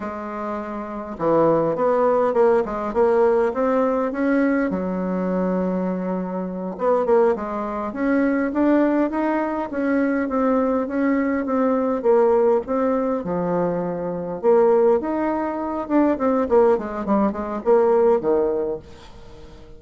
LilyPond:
\new Staff \with { instrumentName = "bassoon" } { \time 4/4 \tempo 4 = 102 gis2 e4 b4 | ais8 gis8 ais4 c'4 cis'4 | fis2.~ fis8 b8 | ais8 gis4 cis'4 d'4 dis'8~ |
dis'8 cis'4 c'4 cis'4 c'8~ | c'8 ais4 c'4 f4.~ | f8 ais4 dis'4. d'8 c'8 | ais8 gis8 g8 gis8 ais4 dis4 | }